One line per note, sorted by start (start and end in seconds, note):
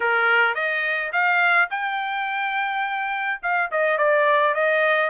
0.00 0.55 A#4
0.55 1.11 D#5
1.12 1.69 F5
1.70 3.40 G5
3.42 3.70 F5
3.71 3.98 D#5
3.98 4.54 D5
4.54 5.10 D#5